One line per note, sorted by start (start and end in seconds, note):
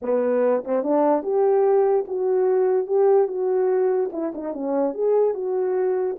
0.02 0.64 B3
0.64 0.83 C4
0.83 1.22 D4
1.22 2.05 G4
2.07 2.86 F#4
2.86 3.27 G4
3.27 4.10 F#4
4.12 4.33 E4
4.34 4.53 D#4
4.53 4.93 C#4
4.93 5.34 G#4
5.34 6.16 F#4